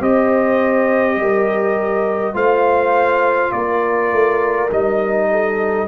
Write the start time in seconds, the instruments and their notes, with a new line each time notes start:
0.00 tuba C4, trombone G4, horn C5, trumpet D#5
1.17 tuba G3, horn A#4
2.34 tuba A3, trombone F4, horn C5, trumpet F5
3.52 tuba A#3, horn A#4, trumpet D5
4.12 tuba A3
4.70 tuba G3, trombone D#4, trumpet D#5
5.31 horn A4